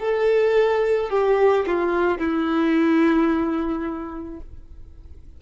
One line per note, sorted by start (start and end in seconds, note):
0.00 1.10 A4
1.10 1.66 G4
1.67 2.19 F4
2.19 4.41 E4